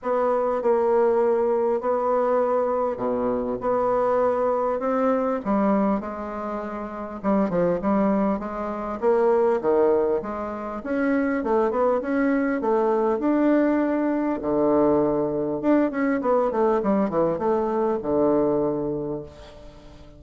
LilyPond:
\new Staff \with { instrumentName = "bassoon" } { \time 4/4 \tempo 4 = 100 b4 ais2 b4~ | b4 b,4 b2 | c'4 g4 gis2 | g8 f8 g4 gis4 ais4 |
dis4 gis4 cis'4 a8 b8 | cis'4 a4 d'2 | d2 d'8 cis'8 b8 a8 | g8 e8 a4 d2 | }